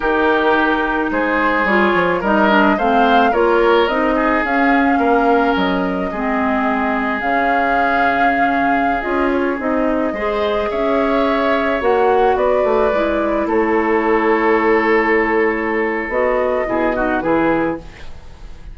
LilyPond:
<<
  \new Staff \with { instrumentName = "flute" } { \time 4/4 \tempo 4 = 108 ais'2 c''4 cis''4 | dis''4 f''4 cis''4 dis''4 | f''2 dis''2~ | dis''4 f''2.~ |
f''16 dis''8 cis''8 dis''2 e''8.~ | e''4~ e''16 fis''4 d''4.~ d''16~ | d''16 cis''2.~ cis''8.~ | cis''4 dis''2 b'4 | }
  \new Staff \with { instrumentName = "oboe" } { \time 4/4 g'2 gis'2 | ais'4 c''4 ais'4. gis'8~ | gis'4 ais'2 gis'4~ | gis'1~ |
gis'2~ gis'16 c''4 cis''8.~ | cis''2~ cis''16 b'4.~ b'16~ | b'16 a'2.~ a'8.~ | a'2 gis'8 fis'8 gis'4 | }
  \new Staff \with { instrumentName = "clarinet" } { \time 4/4 dis'2. f'4 | dis'8 d'8 c'4 f'4 dis'4 | cis'2. c'4~ | c'4 cis'2.~ |
cis'16 f'4 dis'4 gis'4.~ gis'16~ | gis'4~ gis'16 fis'2 e'8.~ | e'1~ | e'4 fis'4 e'8 dis'8 e'4 | }
  \new Staff \with { instrumentName = "bassoon" } { \time 4/4 dis2 gis4 g8 f8 | g4 a4 ais4 c'4 | cis'4 ais4 fis4 gis4~ | gis4 cis2.~ |
cis16 cis'4 c'4 gis4 cis'8.~ | cis'4~ cis'16 ais4 b8 a8 gis8.~ | gis16 a2.~ a8.~ | a4 b4 b,4 e4 | }
>>